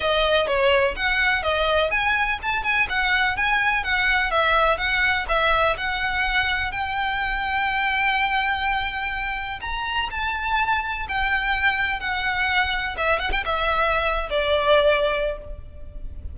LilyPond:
\new Staff \with { instrumentName = "violin" } { \time 4/4 \tempo 4 = 125 dis''4 cis''4 fis''4 dis''4 | gis''4 a''8 gis''8 fis''4 gis''4 | fis''4 e''4 fis''4 e''4 | fis''2 g''2~ |
g''1 | ais''4 a''2 g''4~ | g''4 fis''2 e''8 fis''16 g''16 | e''4.~ e''16 d''2~ d''16 | }